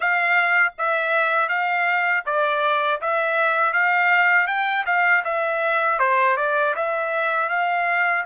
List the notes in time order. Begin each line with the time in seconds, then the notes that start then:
0.00 F5
0.77 E5
1.48 F5
2.25 D5
3.01 E5
3.73 F5
4.47 G5
4.86 F5
5.24 E5
5.99 C5
6.36 D5
6.75 E5
7.49 F5